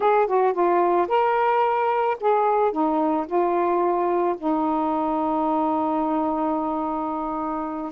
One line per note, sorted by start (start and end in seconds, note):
0.00 0.26 G#4
0.27 0.53 F#4
0.53 1.07 F4
1.08 2.17 A#4
2.20 2.71 G#4
2.71 3.26 D#4
3.26 4.35 F4
4.37 7.92 D#4